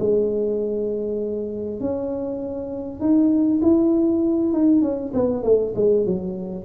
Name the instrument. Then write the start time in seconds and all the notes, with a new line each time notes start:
tuba
0.00 G#3
1.81 C#4
3.00 D#4
3.62 E4
4.53 D#4
4.82 C#4
5.14 B3
5.43 A3
5.76 G#3
6.06 F#3